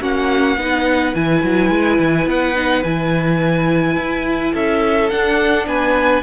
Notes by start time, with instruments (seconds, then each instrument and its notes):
0.00 cello A#3, viola C#4, violin F#4 F#5
0.56 cello B3, viola D#4, violin B4
1.14 cello E3, viola E4, violin G#5
1.43 cello F#3
1.69 cello G#3
1.98 cello E3
2.26 cello B3, violin F#5
2.55 viola D#4
2.83 cello E3, viola E4, violin G#5
3.96 cello E4
4.53 cello C#4, violin A4 E5
5.10 viola D4, cello D4, violin F#5
5.66 cello B3, violin B4 G#5